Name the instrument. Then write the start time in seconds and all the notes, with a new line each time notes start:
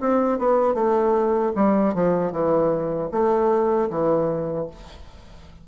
bassoon
0.00 C4
0.38 B3
0.74 A3
1.55 G3
1.94 F3
2.31 E3
3.11 A3
3.89 E3